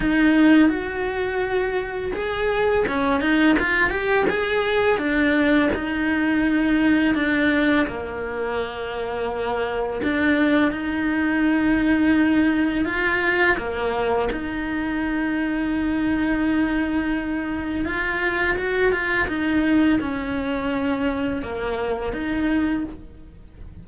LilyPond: \new Staff \with { instrumentName = "cello" } { \time 4/4 \tempo 4 = 84 dis'4 fis'2 gis'4 | cis'8 dis'8 f'8 g'8 gis'4 d'4 | dis'2 d'4 ais4~ | ais2 d'4 dis'4~ |
dis'2 f'4 ais4 | dis'1~ | dis'4 f'4 fis'8 f'8 dis'4 | cis'2 ais4 dis'4 | }